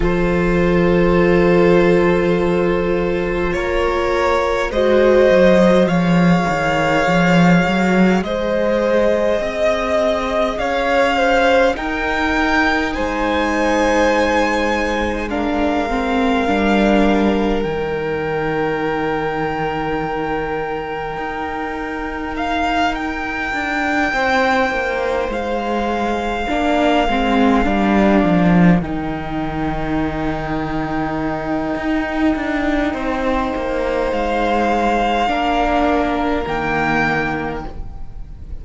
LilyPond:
<<
  \new Staff \with { instrumentName = "violin" } { \time 4/4 \tempo 4 = 51 c''2. cis''4 | dis''4 f''2 dis''4~ | dis''4 f''4 g''4 gis''4~ | gis''4 f''2 g''4~ |
g''2. f''8 g''8~ | g''4. f''2~ f''8~ | f''8 g''2.~ g''8~ | g''4 f''2 g''4 | }
  \new Staff \with { instrumentName = "violin" } { \time 4/4 a'2. ais'4 | c''4 cis''2 c''4 | dis''4 cis''8 c''8 ais'4 c''4~ | c''4 ais'2.~ |
ais'1~ | ais'8 c''2 ais'4.~ | ais'1 | c''2 ais'2 | }
  \new Staff \with { instrumentName = "viola" } { \time 4/4 f'1 | fis'4 gis'2.~ | gis'2 dis'2~ | dis'4 d'8 c'8 d'4 dis'4~ |
dis'1~ | dis'2~ dis'8 d'8 c'8 d'8~ | d'8 dis'2.~ dis'8~ | dis'2 d'4 ais4 | }
  \new Staff \with { instrumentName = "cello" } { \time 4/4 f2. ais4 | gis8 fis8 f8 dis8 f8 fis8 gis4 | c'4 cis'4 dis'4 gis4~ | gis2 g4 dis4~ |
dis2 dis'2 | d'8 c'8 ais8 gis4 ais8 gis8 g8 | f8 dis2~ dis8 dis'8 d'8 | c'8 ais8 gis4 ais4 dis4 | }
>>